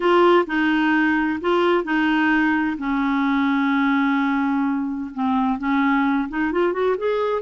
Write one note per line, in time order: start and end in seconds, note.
0.00 0.45 F4
0.46 1.39 D#4
1.40 1.84 F4
1.84 2.77 D#4
2.78 5.10 C#4
5.14 5.58 C4
5.58 6.28 C#4
6.29 6.52 D#4
6.52 6.72 F4
6.72 6.96 F#4
6.97 7.42 G#4